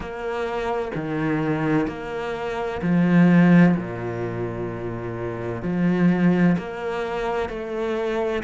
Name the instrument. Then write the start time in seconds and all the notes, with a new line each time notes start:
cello
0.00 A#3
0.95 D#3
1.87 A#3
2.81 F3
3.76 A#2
5.62 F3
6.58 A#3
7.49 A3